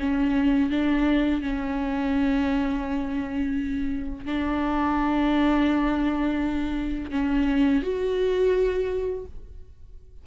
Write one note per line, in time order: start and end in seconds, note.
0.00 0.71 C#4
0.71 1.42 D4
1.42 4.26 C#4
4.26 7.11 D4
7.11 7.83 C#4
7.83 9.26 F#4